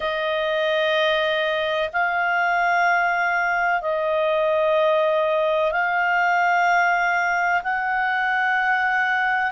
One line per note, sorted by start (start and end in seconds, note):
0.00 1.89 D#5
1.93 3.81 F5
3.81 5.71 D#5
5.71 7.61 F5
7.63 9.51 F#5